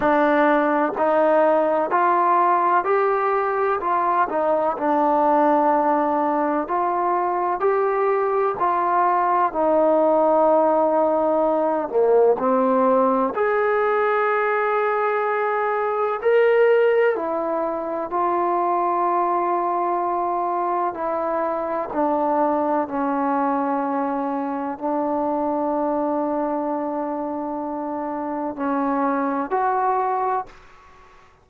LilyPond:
\new Staff \with { instrumentName = "trombone" } { \time 4/4 \tempo 4 = 63 d'4 dis'4 f'4 g'4 | f'8 dis'8 d'2 f'4 | g'4 f'4 dis'2~ | dis'8 ais8 c'4 gis'2~ |
gis'4 ais'4 e'4 f'4~ | f'2 e'4 d'4 | cis'2 d'2~ | d'2 cis'4 fis'4 | }